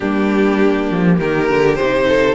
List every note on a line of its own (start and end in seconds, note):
0.00 0.90 G3
0.00 1.79 A#3
0.00 1.17 D4
0.00 1.18 G4
0.90 1.20 F3
1.17 1.49 D#3
1.17 2.06 G4
1.17 1.75 A#4
1.49 1.78 D3
1.75 2.35 C5
1.81 2.35 C3
1.81 2.35 D#4
2.08 2.35 A4